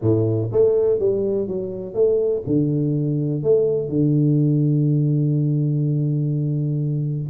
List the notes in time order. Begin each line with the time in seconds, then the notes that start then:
0.01 A2
0.52 A3
0.99 G3
1.47 F#3
1.94 A3
2.46 D3
3.43 A3
3.88 D3